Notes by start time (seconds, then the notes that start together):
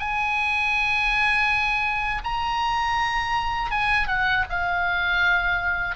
0.00 G#5
2.24 A#5
3.71 G#5
4.08 F#5
4.49 F5